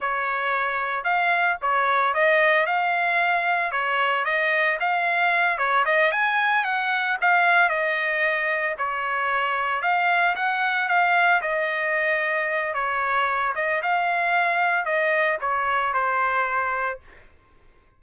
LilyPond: \new Staff \with { instrumentName = "trumpet" } { \time 4/4 \tempo 4 = 113 cis''2 f''4 cis''4 | dis''4 f''2 cis''4 | dis''4 f''4. cis''8 dis''8 gis''8~ | gis''8 fis''4 f''4 dis''4.~ |
dis''8 cis''2 f''4 fis''8~ | fis''8 f''4 dis''2~ dis''8 | cis''4. dis''8 f''2 | dis''4 cis''4 c''2 | }